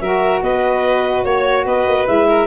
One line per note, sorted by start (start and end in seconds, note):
0.00 0.42 F#3
0.00 2.06 F#4
0.00 0.43 A#4
0.00 0.41 E5
0.42 1.24 B3
0.42 1.25 B4
0.42 1.24 D#5
1.24 1.65 A#3
1.24 1.65 C#5
1.65 1.86 B3
1.65 2.28 B4
1.65 2.07 D#5
1.86 2.07 A#3
2.06 2.47 G#3
2.06 2.47 E4
2.06 2.47 E5
2.28 2.47 A#4